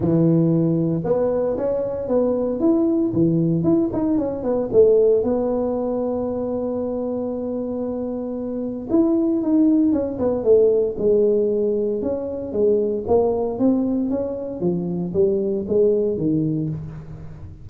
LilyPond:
\new Staff \with { instrumentName = "tuba" } { \time 4/4 \tempo 4 = 115 e2 b4 cis'4 | b4 e'4 e4 e'8 dis'8 | cis'8 b8 a4 b2~ | b1~ |
b4 e'4 dis'4 cis'8 b8 | a4 gis2 cis'4 | gis4 ais4 c'4 cis'4 | f4 g4 gis4 dis4 | }